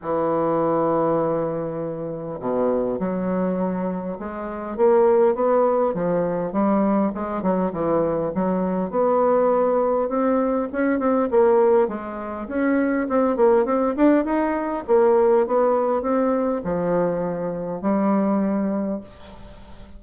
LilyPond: \new Staff \with { instrumentName = "bassoon" } { \time 4/4 \tempo 4 = 101 e1 | b,4 fis2 gis4 | ais4 b4 f4 g4 | gis8 fis8 e4 fis4 b4~ |
b4 c'4 cis'8 c'8 ais4 | gis4 cis'4 c'8 ais8 c'8 d'8 | dis'4 ais4 b4 c'4 | f2 g2 | }